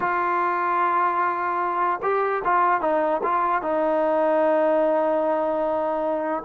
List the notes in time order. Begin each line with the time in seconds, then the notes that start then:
0.00 F4
2.02 G4
2.44 F4
2.81 D#4
3.23 F4
3.61 D#4